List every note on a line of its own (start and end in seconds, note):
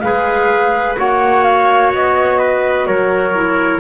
0.00 0.98 G#3
0.00 0.96 G#4
0.00 0.98 B4
0.00 0.95 F5
0.96 1.94 A#3
0.96 3.34 F#4
0.96 2.39 C#5
0.96 1.44 F#5
1.44 1.91 F5
1.94 2.87 B3
1.94 2.87 D#5
2.39 2.86 B4
2.87 3.80 F#3
2.87 3.80 A#4
2.87 3.80 C#5
3.34 3.80 E4